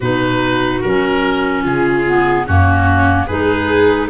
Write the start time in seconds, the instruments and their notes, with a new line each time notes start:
0.00 tuba B2, clarinet D#4, viola F#4, oboe B4
0.81 tuba F#3, clarinet C#4, oboe A#4
1.62 tuba C#3, viola F4, oboe G#4
2.06 clarinet B3
2.46 tuba F#2, clarinet A#3, viola C#4, oboe F#4
3.26 tuba G#3, clarinet D#4, viola G#4, oboe B4